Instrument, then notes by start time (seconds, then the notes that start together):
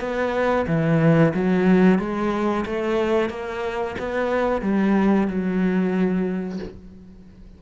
cello
0.00 B3
0.67 E3
1.34 F#3
1.99 G#3
2.66 A3
3.29 A#3
3.99 B3
4.62 G3
5.27 F#3